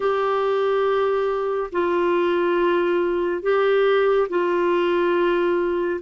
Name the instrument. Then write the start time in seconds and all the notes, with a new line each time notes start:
clarinet
0.00 G4
1.71 F4
3.42 G4
4.29 F4